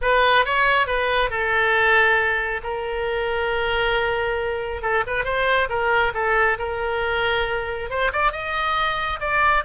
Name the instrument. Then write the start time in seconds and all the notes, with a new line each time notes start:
oboe
0.01 B4
0.45 C#5
0.86 B4
1.29 A4
2.63 A#4
4.82 A4
5.06 B4
5.24 C5
5.69 A#4
6.14 A4
6.58 A#4
7.90 C5
8.12 D5
8.32 D#5
9.20 D5